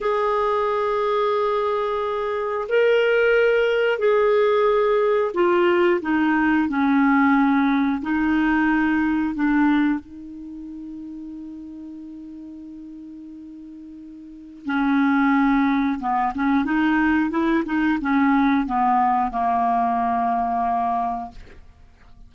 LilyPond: \new Staff \with { instrumentName = "clarinet" } { \time 4/4 \tempo 4 = 90 gis'1 | ais'2 gis'2 | f'4 dis'4 cis'2 | dis'2 d'4 dis'4~ |
dis'1~ | dis'2 cis'2 | b8 cis'8 dis'4 e'8 dis'8 cis'4 | b4 ais2. | }